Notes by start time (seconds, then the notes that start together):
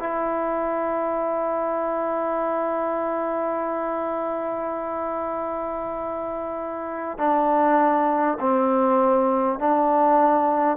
0.00 E4
7.18 D4
8.41 C4
9.60 D4